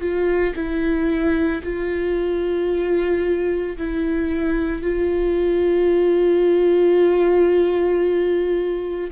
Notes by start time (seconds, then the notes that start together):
0.00 F4
0.55 E4
1.63 F4
3.77 E4
4.82 F4